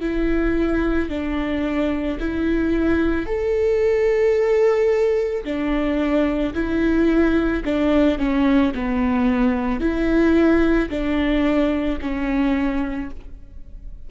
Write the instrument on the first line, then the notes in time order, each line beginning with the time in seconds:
viola
0.00 E4
1.09 D4
2.20 E4
3.26 A4
5.44 D4
6.54 E4
7.65 D4
8.18 C#4
8.74 B3
9.80 E4
10.89 D4
12.01 C#4